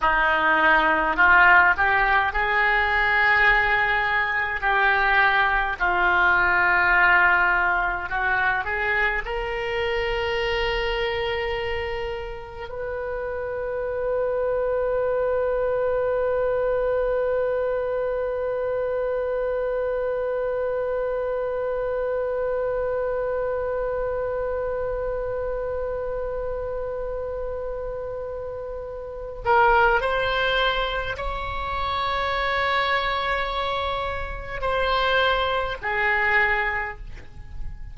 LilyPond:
\new Staff \with { instrumentName = "oboe" } { \time 4/4 \tempo 4 = 52 dis'4 f'8 g'8 gis'2 | g'4 f'2 fis'8 gis'8 | ais'2. b'4~ | b'1~ |
b'1~ | b'1~ | b'4. ais'8 c''4 cis''4~ | cis''2 c''4 gis'4 | }